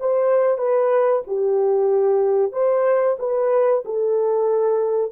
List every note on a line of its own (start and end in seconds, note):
0.00 0.58 C5
0.58 1.23 B4
1.27 2.52 G4
2.52 3.17 C5
3.19 3.84 B4
3.85 5.12 A4